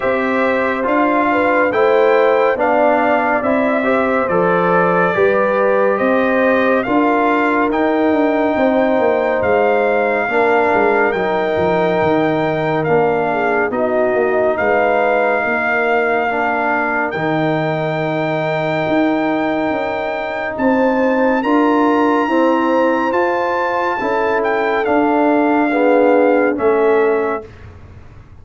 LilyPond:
<<
  \new Staff \with { instrumentName = "trumpet" } { \time 4/4 \tempo 4 = 70 e''4 f''4 g''4 f''4 | e''4 d''2 dis''4 | f''4 g''2 f''4~ | f''4 g''2 f''4 |
dis''4 f''2. | g''1 | a''4 ais''2 a''4~ | a''8 g''8 f''2 e''4 | }
  \new Staff \with { instrumentName = "horn" } { \time 4/4 c''4. b'8 c''4 d''4~ | d''8 c''4. b'4 c''4 | ais'2 c''2 | ais'2.~ ais'8 gis'8 |
fis'4 b'4 ais'2~ | ais'1 | c''4 ais'4 c''2 | a'2 gis'4 a'4 | }
  \new Staff \with { instrumentName = "trombone" } { \time 4/4 g'4 f'4 e'4 d'4 | e'8 g'8 a'4 g'2 | f'4 dis'2. | d'4 dis'2 d'4 |
dis'2. d'4 | dis'1~ | dis'4 f'4 c'4 f'4 | e'4 d'4 b4 cis'4 | }
  \new Staff \with { instrumentName = "tuba" } { \time 4/4 c'4 d'4 a4 b4 | c'4 f4 g4 c'4 | d'4 dis'8 d'8 c'8 ais8 gis4 | ais8 gis8 fis8 f8 dis4 ais4 |
b8 ais8 gis4 ais2 | dis2 dis'4 cis'4 | c'4 d'4 e'4 f'4 | cis'4 d'2 a4 | }
>>